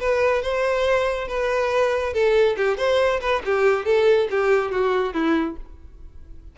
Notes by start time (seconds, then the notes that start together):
0.00 B4
0.43 C5
1.28 B4
2.14 A4
2.57 G4
2.78 C5
3.21 B4
3.45 G4
3.86 A4
4.31 G4
4.72 F#4
5.14 E4